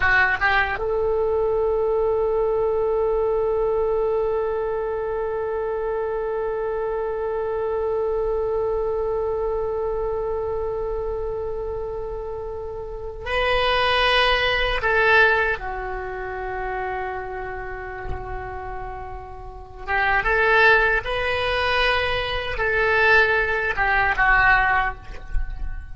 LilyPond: \new Staff \with { instrumentName = "oboe" } { \time 4/4 \tempo 4 = 77 fis'8 g'8 a'2.~ | a'1~ | a'1~ | a'1~ |
a'4 b'2 a'4 | fis'1~ | fis'4. g'8 a'4 b'4~ | b'4 a'4. g'8 fis'4 | }